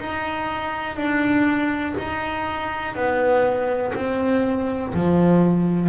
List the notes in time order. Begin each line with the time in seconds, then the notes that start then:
0.00 D#4
0.97 D4
1.99 D#4
2.96 B3
3.95 C4
4.94 F3